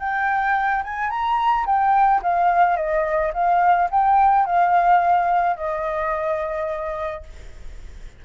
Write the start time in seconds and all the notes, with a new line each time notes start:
0.00 G5
0.84 G#5
1.10 A#5
1.66 G5
2.23 F5
2.77 D#5
3.34 F5
3.91 G5
4.46 F5
5.57 D#5